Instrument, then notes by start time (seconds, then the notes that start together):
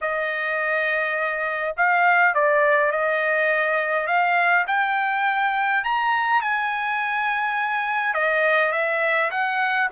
trumpet
0.01 D#5
1.76 F5
2.34 D5
2.91 D#5
4.06 F5
4.67 G5
5.84 A#5
6.41 G#5
8.13 D#5
8.72 E5
9.30 F#5